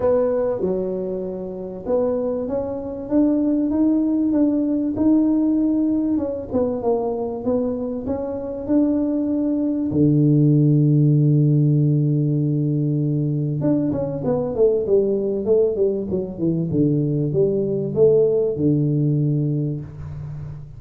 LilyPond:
\new Staff \with { instrumentName = "tuba" } { \time 4/4 \tempo 4 = 97 b4 fis2 b4 | cis'4 d'4 dis'4 d'4 | dis'2 cis'8 b8 ais4 | b4 cis'4 d'2 |
d1~ | d2 d'8 cis'8 b8 a8 | g4 a8 g8 fis8 e8 d4 | g4 a4 d2 | }